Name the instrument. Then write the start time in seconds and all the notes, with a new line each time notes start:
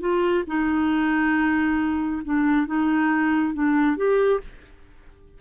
clarinet
0.00 F4
0.47 D#4
2.25 D4
2.67 D#4
3.54 D4
3.97 G4